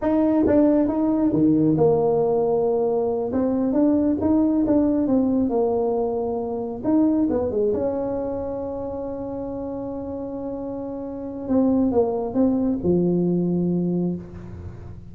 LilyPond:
\new Staff \with { instrumentName = "tuba" } { \time 4/4 \tempo 4 = 136 dis'4 d'4 dis'4 dis4 | ais2.~ ais8 c'8~ | c'8 d'4 dis'4 d'4 c'8~ | c'8 ais2. dis'8~ |
dis'8 b8 gis8 cis'2~ cis'8~ | cis'1~ | cis'2 c'4 ais4 | c'4 f2. | }